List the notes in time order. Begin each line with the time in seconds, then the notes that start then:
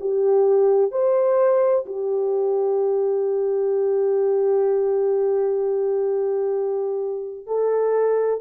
0.00 G4
0.91 C5
1.85 G4
7.47 A4